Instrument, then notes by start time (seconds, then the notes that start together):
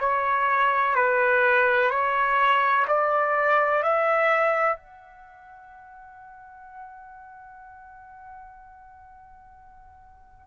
trumpet
0.00 C#5
0.95 B4
1.90 C#5
2.87 D5
3.82 E5
4.76 F#5